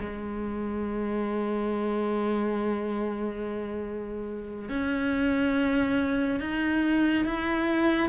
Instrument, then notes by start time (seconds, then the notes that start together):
cello
0.00 G#3
4.69 C#4
6.40 D#4
7.25 E4